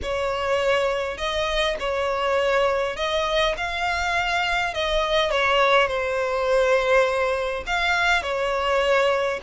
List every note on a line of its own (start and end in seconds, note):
0.02 1.17 C#5
1.17 1.76 D#5
1.79 2.96 C#5
2.96 3.55 D#5
3.57 4.74 F5
4.74 5.30 D#5
5.30 5.87 C#5
5.87 7.64 C5
7.66 8.22 F5
8.22 9.40 C#5